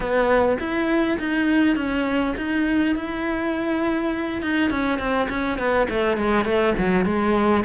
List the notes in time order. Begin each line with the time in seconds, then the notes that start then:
0.00 B3
0.59 E4
1.19 D#4
1.75 C#4
2.37 D#4
2.95 E4
4.41 D#4
4.70 C#4
4.98 C4
5.29 C#4
5.58 B3
5.89 A3
6.17 G#3
6.44 A3
6.78 F#3
7.05 G#3